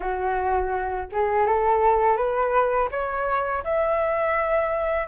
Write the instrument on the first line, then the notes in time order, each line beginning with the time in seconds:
flute
0.00 F#4
1.12 G#4
1.46 A4
2.16 B4
2.91 C#5
3.64 E5